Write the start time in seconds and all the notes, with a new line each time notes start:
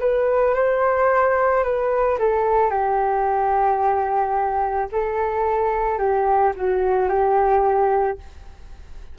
0.00 B4
0.55 C5
1.64 B4
2.19 A4
2.70 G4
4.92 A4
5.99 G4
6.57 F#4
7.09 G4